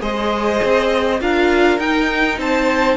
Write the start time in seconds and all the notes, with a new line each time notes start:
0.00 G#3 G#4 C5 D#5
0.64 C4
1.21 D4 F4 A#4 F5
1.79 D#4 G5
2.38 C4 C5 A5